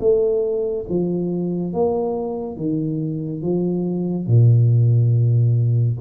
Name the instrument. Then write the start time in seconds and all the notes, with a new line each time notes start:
tuba
0.00 A3
0.90 F3
1.73 A#3
2.57 D#3
3.42 F3
4.27 A#2